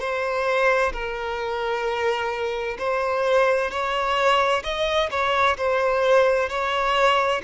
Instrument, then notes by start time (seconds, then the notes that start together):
violin
0.00 C5
0.93 A#4
2.79 C5
3.71 C#5
4.64 D#5
5.11 C#5
5.57 C5
6.49 C#5